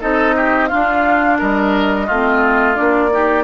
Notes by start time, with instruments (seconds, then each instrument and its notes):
0.00 bassoon C4, clarinet D#4, oboe A4, flute D#5
0.36 oboe G4
0.68 clarinet D4, bassoon D4, oboe F4, flute F5
1.38 bassoon G3, oboe A#4, flute D#5
2.06 bassoon A3, clarinet C4, oboe F4
2.74 bassoon A#3, clarinet D4, flute D5
3.11 clarinet D#4, oboe G4